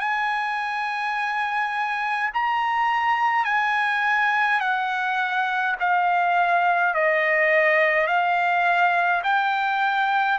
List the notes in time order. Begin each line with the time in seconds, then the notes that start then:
0.00 G#5
2.34 A#5
3.45 G#5
4.60 F#5
5.80 F5
6.94 D#5
8.07 F5
9.23 G5